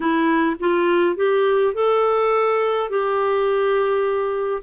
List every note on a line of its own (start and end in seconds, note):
0.00 0.56 E4
0.59 1.16 F4
1.16 1.73 G4
1.74 2.89 A4
2.89 4.62 G4